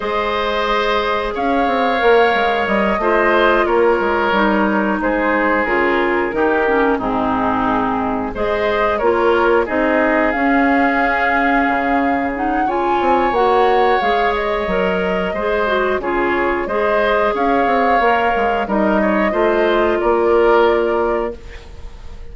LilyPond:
<<
  \new Staff \with { instrumentName = "flute" } { \time 4/4 \tempo 4 = 90 dis''2 f''2 | dis''4. cis''2 c''8~ | c''8 ais'2 gis'4.~ | gis'8 dis''4 cis''4 dis''4 f''8~ |
f''2~ f''8 fis''8 gis''4 | fis''4 f''8 dis''2~ dis''8 | cis''4 dis''4 f''2 | dis''2 d''2 | }
  \new Staff \with { instrumentName = "oboe" } { \time 4/4 c''2 cis''2~ | cis''8 c''4 ais'2 gis'8~ | gis'4. g'4 dis'4.~ | dis'8 c''4 ais'4 gis'4.~ |
gis'2. cis''4~ | cis''2. c''4 | gis'4 c''4 cis''2 | ais'8 cis''8 c''4 ais'2 | }
  \new Staff \with { instrumentName = "clarinet" } { \time 4/4 gis'2. ais'4~ | ais'8 f'2 dis'4.~ | dis'8 f'4 dis'8 cis'8 c'4.~ | c'8 gis'4 f'4 dis'4 cis'8~ |
cis'2~ cis'8 dis'8 f'4 | fis'4 gis'4 ais'4 gis'8 fis'8 | f'4 gis'2 ais'4 | dis'4 f'2. | }
  \new Staff \with { instrumentName = "bassoon" } { \time 4/4 gis2 cis'8 c'8 ais8 gis8 | g8 a4 ais8 gis8 g4 gis8~ | gis8 cis4 dis4 gis,4.~ | gis,8 gis4 ais4 c'4 cis'8~ |
cis'4. cis2 c'8 | ais4 gis4 fis4 gis4 | cis4 gis4 cis'8 c'8 ais8 gis8 | g4 a4 ais2 | }
>>